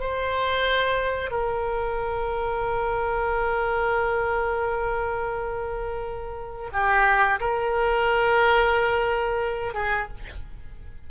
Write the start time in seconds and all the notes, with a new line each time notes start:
0.00 C5
1.31 A#4
6.72 G4
7.40 A#4
9.74 G#4